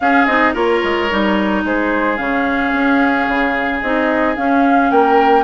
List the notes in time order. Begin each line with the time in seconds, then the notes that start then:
0.00 C#4 G#4 F5
0.26 C4 D#4 D#5
0.53 A#3 F4 A#4 C#5
0.83 G#3
1.10 G3 D#4
1.64 G#3 G#4 C5
2.16 C#3 C#4 F5
2.72 C#4
3.27 C#3
3.80 C4 D#4 D#5
4.36 C#4 F5
4.90 A#3 A#4 G5